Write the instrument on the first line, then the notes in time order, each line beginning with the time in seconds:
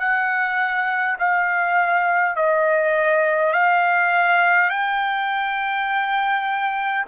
trumpet
0.00 F#5
1.19 F5
2.36 D#5
3.53 F5
4.71 G5